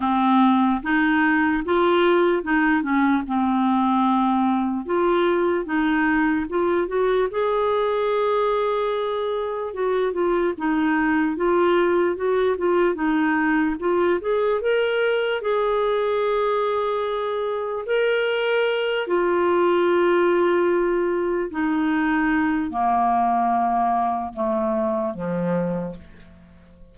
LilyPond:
\new Staff \with { instrumentName = "clarinet" } { \time 4/4 \tempo 4 = 74 c'4 dis'4 f'4 dis'8 cis'8 | c'2 f'4 dis'4 | f'8 fis'8 gis'2. | fis'8 f'8 dis'4 f'4 fis'8 f'8 |
dis'4 f'8 gis'8 ais'4 gis'4~ | gis'2 ais'4. f'8~ | f'2~ f'8 dis'4. | ais2 a4 f4 | }